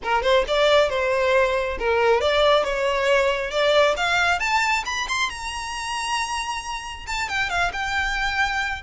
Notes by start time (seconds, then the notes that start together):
0.03 A#4
0.22 C5
0.47 D5
0.89 C5
1.78 A#4
2.21 D5
2.64 C#5
3.50 D5
3.97 F5
4.39 A5
4.85 B5
5.08 C6
5.29 A#5
7.06 A5
7.29 G5
7.49 F5
7.72 G5